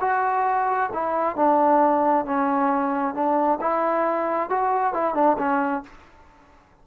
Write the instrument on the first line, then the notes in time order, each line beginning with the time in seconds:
trombone
0.00 F#4
0.93 E4
1.36 D4
2.25 C#4
3.14 D4
3.60 E4
4.49 F#4
4.93 E4
5.14 D4
5.38 C#4